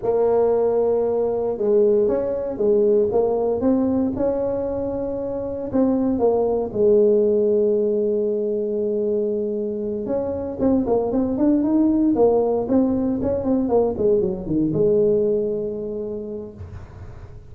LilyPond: \new Staff \with { instrumentName = "tuba" } { \time 4/4 \tempo 4 = 116 ais2. gis4 | cis'4 gis4 ais4 c'4 | cis'2. c'4 | ais4 gis2.~ |
gis2.~ gis8 cis'8~ | cis'8 c'8 ais8 c'8 d'8 dis'4 ais8~ | ais8 c'4 cis'8 c'8 ais8 gis8 fis8 | dis8 gis2.~ gis8 | }